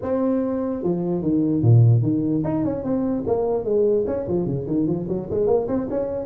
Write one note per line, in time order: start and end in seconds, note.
0.02 0.83 C4
0.83 1.21 F3
1.21 1.62 D#3
1.62 2.02 A#2
2.02 2.43 D#3
2.44 2.64 D#4
2.64 2.83 C#4
2.83 3.24 C4
3.27 3.64 A#3
3.64 4.05 G#3
4.07 4.27 C#4
4.28 4.46 F3
4.46 4.66 C#3
4.66 4.86 D#3
4.86 5.07 F3
5.08 5.28 F#3
5.30 5.46 G#3
5.46 5.67 A#3
5.67 5.87 C4
5.90 6.25 C#4